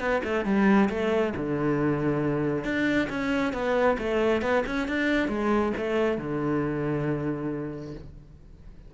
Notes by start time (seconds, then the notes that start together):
0.00 B3
0.24 A3
0.45 G3
0.90 A3
1.36 D3
2.64 D4
3.10 C#4
3.53 B3
3.98 A3
4.42 B3
4.66 C#4
4.88 D4
5.28 G#3
5.77 A3
6.18 D3